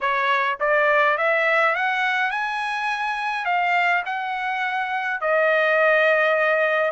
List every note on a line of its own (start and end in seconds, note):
0.01 0.58 C#5
0.60 1.17 D5
1.17 1.75 E5
1.75 2.31 F#5
2.31 3.45 G#5
3.45 4.03 F5
4.05 5.20 F#5
5.20 6.91 D#5